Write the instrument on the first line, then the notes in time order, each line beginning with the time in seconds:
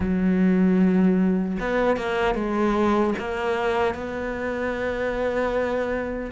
cello
0.00 F#3
1.59 B3
1.96 A#3
2.35 G#3
3.18 A#3
3.94 B3